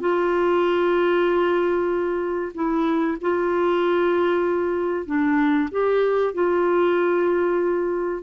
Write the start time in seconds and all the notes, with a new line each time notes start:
0.00 F4
2.55 E4
3.21 F4
5.06 D4
5.71 G4
6.34 F4